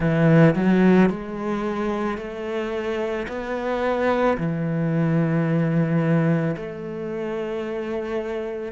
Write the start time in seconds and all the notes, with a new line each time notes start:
0.00 E3
0.55 F#3
1.09 G#3
2.17 A3
3.28 B3
4.37 E3
6.56 A3